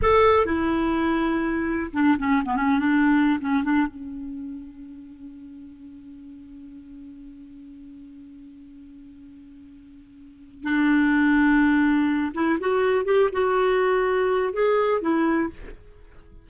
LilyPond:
\new Staff \with { instrumentName = "clarinet" } { \time 4/4 \tempo 4 = 124 a'4 e'2. | d'8 cis'8 b16 cis'8 d'4~ d'16 cis'8 d'8 | cis'1~ | cis'1~ |
cis'1~ | cis'2 d'2~ | d'4. e'8 fis'4 g'8 fis'8~ | fis'2 gis'4 e'4 | }